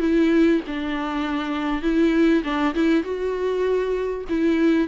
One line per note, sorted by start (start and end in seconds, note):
0.00 0.61 E4
0.67 1.82 D4
1.82 2.43 E4
2.44 2.74 D4
2.75 3.04 E4
3.04 4.25 F#4
4.29 4.88 E4